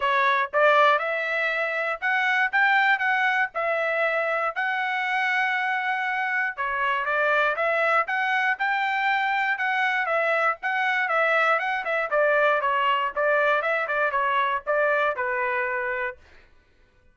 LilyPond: \new Staff \with { instrumentName = "trumpet" } { \time 4/4 \tempo 4 = 119 cis''4 d''4 e''2 | fis''4 g''4 fis''4 e''4~ | e''4 fis''2.~ | fis''4 cis''4 d''4 e''4 |
fis''4 g''2 fis''4 | e''4 fis''4 e''4 fis''8 e''8 | d''4 cis''4 d''4 e''8 d''8 | cis''4 d''4 b'2 | }